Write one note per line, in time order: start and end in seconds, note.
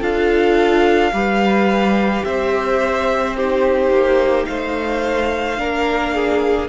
0.00 1.12 D4
0.00 1.12 F4
0.00 1.11 A4
0.00 2.24 F5
1.12 2.23 G3
1.12 3.35 G4
1.12 2.25 B4
2.24 3.90 C4
2.24 3.36 C5
2.24 3.35 E5
3.36 5.57 D#4
3.36 4.47 G4
3.36 4.45 C5
3.90 4.45 A#3
4.45 5.58 A3
4.45 5.59 C5
4.45 6.67 F5
5.57 6.69 A#3
5.57 6.68 D4
5.57 6.14 A#4
6.14 6.69 G#4